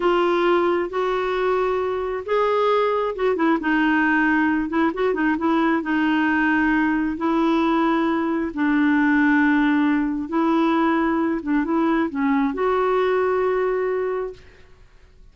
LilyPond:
\new Staff \with { instrumentName = "clarinet" } { \time 4/4 \tempo 4 = 134 f'2 fis'2~ | fis'4 gis'2 fis'8 e'8 | dis'2~ dis'8 e'8 fis'8 dis'8 | e'4 dis'2. |
e'2. d'4~ | d'2. e'4~ | e'4. d'8 e'4 cis'4 | fis'1 | }